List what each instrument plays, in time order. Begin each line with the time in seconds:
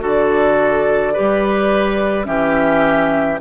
0.00 bassoon D3, clarinet F#4, oboe A4, flute D5
1.14 clarinet G4, oboe B4
1.20 bassoon G3
2.25 bassoon E3, clarinet C#4, oboe G4, flute E5